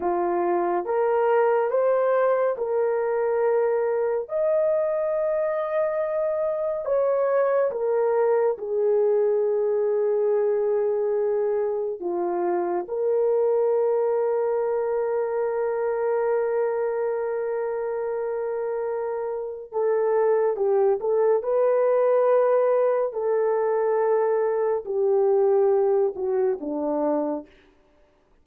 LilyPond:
\new Staff \with { instrumentName = "horn" } { \time 4/4 \tempo 4 = 70 f'4 ais'4 c''4 ais'4~ | ais'4 dis''2. | cis''4 ais'4 gis'2~ | gis'2 f'4 ais'4~ |
ais'1~ | ais'2. a'4 | g'8 a'8 b'2 a'4~ | a'4 g'4. fis'8 d'4 | }